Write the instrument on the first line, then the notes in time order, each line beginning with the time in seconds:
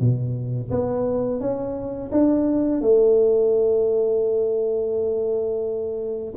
tuba
0.00 B2
0.71 B3
1.41 C#4
2.12 D4
2.81 A3